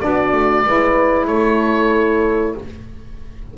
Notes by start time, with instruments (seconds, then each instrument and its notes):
0.00 double bass B3, saxophone D4, horn F#4, oboe D5
0.33 double bass A3
0.65 double bass G#3, saxophone E4, horn B4
1.27 double bass A3, horn A4, oboe C#5